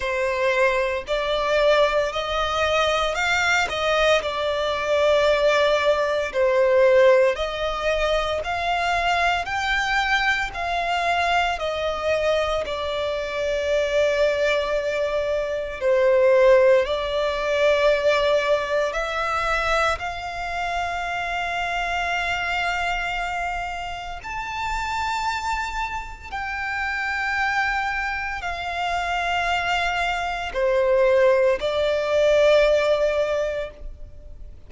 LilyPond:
\new Staff \with { instrumentName = "violin" } { \time 4/4 \tempo 4 = 57 c''4 d''4 dis''4 f''8 dis''8 | d''2 c''4 dis''4 | f''4 g''4 f''4 dis''4 | d''2. c''4 |
d''2 e''4 f''4~ | f''2. a''4~ | a''4 g''2 f''4~ | f''4 c''4 d''2 | }